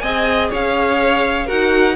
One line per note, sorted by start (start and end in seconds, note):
0.00 0.51 C4
0.00 1.47 G#4
0.00 0.50 D#5
0.00 0.48 G#5
0.50 1.50 C#4
0.50 1.46 C#5
0.50 1.49 F5
1.46 1.96 D#4
1.46 1.96 F#4
1.46 1.95 A#4
1.46 1.96 F#5